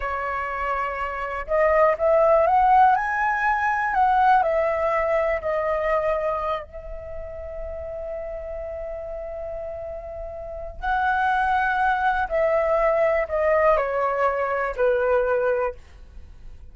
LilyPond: \new Staff \with { instrumentName = "flute" } { \time 4/4 \tempo 4 = 122 cis''2. dis''4 | e''4 fis''4 gis''2 | fis''4 e''2 dis''4~ | dis''4. e''2~ e''8~ |
e''1~ | e''2 fis''2~ | fis''4 e''2 dis''4 | cis''2 b'2 | }